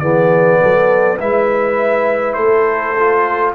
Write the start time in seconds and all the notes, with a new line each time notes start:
0.00 E3 B3 G#4 D5
0.62 F#3 A4
1.19 G#3 E4 B4 E5
2.34 A3 A4 C5
3.00 F4